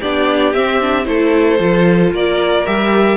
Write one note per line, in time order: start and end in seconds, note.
0.00 0.55 B3
0.00 0.54 D4
0.00 1.06 G4
0.00 0.54 D5
0.54 0.81 C4
0.54 1.07 C4
0.54 1.06 E5
0.81 1.05 D4
1.05 1.60 A3
1.05 1.58 E4
1.05 2.13 A4
1.05 2.12 C5
1.60 2.13 F3
1.60 2.66 F4
2.13 2.66 A#3
2.13 3.18 A#4
2.13 2.66 D5
2.66 3.18 G3
2.66 3.18 G4
2.66 3.18 E5